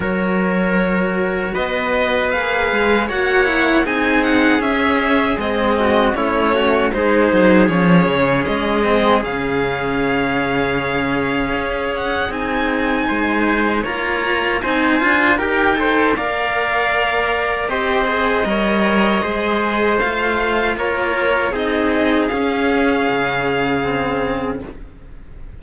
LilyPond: <<
  \new Staff \with { instrumentName = "violin" } { \time 4/4 \tempo 4 = 78 cis''2 dis''4 f''4 | fis''4 gis''8 fis''8 e''4 dis''4 | cis''4 c''4 cis''4 dis''4 | f''2.~ f''8 fis''8 |
gis''2 ais''4 gis''4 | g''4 f''2 dis''4~ | dis''2 f''4 cis''4 | dis''4 f''2. | }
  \new Staff \with { instrumentName = "trumpet" } { \time 4/4 ais'2 b'2 | cis''4 gis'2~ gis'8 fis'8 | e'8 fis'8 gis'2.~ | gis'1~ |
gis'4 c''4 cis''4 c''4 | ais'8 c''8 d''2 c''4 | cis''4 c''2 ais'4 | gis'1 | }
  \new Staff \with { instrumentName = "cello" } { \time 4/4 fis'2. gis'4 | fis'8 e'8 dis'4 cis'4 c'4 | cis'4 dis'4 cis'4. c'8 | cis'1 |
dis'2 f'4 dis'8 f'8 | g'8 a'8 ais'2 g'8 gis'8 | ais'4 gis'4 f'2 | dis'4 cis'2 c'4 | }
  \new Staff \with { instrumentName = "cello" } { \time 4/4 fis2 b4 ais8 gis8 | ais4 c'4 cis'4 gis4 | a4 gis8 fis8 f8 cis8 gis4 | cis2. cis'4 |
c'4 gis4 ais4 c'8 d'8 | dis'4 ais2 c'4 | g4 gis4 a4 ais4 | c'4 cis'4 cis2 | }
>>